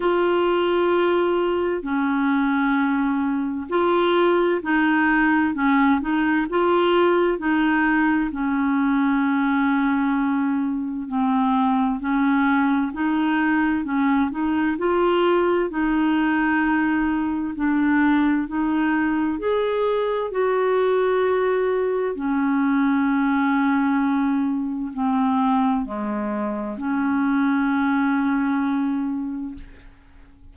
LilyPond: \new Staff \with { instrumentName = "clarinet" } { \time 4/4 \tempo 4 = 65 f'2 cis'2 | f'4 dis'4 cis'8 dis'8 f'4 | dis'4 cis'2. | c'4 cis'4 dis'4 cis'8 dis'8 |
f'4 dis'2 d'4 | dis'4 gis'4 fis'2 | cis'2. c'4 | gis4 cis'2. | }